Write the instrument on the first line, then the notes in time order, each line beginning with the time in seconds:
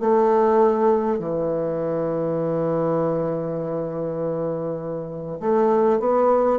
bassoon
0.00 A3
1.19 E3
5.40 A3
5.99 B3